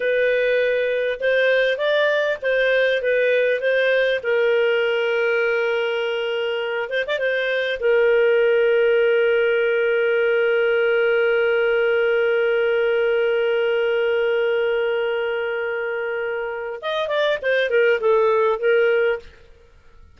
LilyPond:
\new Staff \with { instrumentName = "clarinet" } { \time 4/4 \tempo 4 = 100 b'2 c''4 d''4 | c''4 b'4 c''4 ais'4~ | ais'2.~ ais'8 c''16 d''16 | c''4 ais'2.~ |
ais'1~ | ais'1~ | ais'1 | dis''8 d''8 c''8 ais'8 a'4 ais'4 | }